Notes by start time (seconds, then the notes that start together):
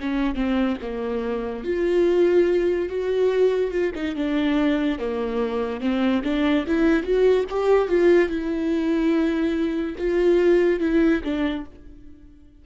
0.00 C#4
0.35 C4
0.82 A#3
1.64 F4
2.89 F#4
3.71 F4
3.95 D#4
4.16 D4
4.98 A#3
5.81 C4
6.24 D4
6.67 E4
7.03 F#4
7.50 G4
7.88 F4
8.29 E4
9.98 F4
10.80 E4
11.23 D4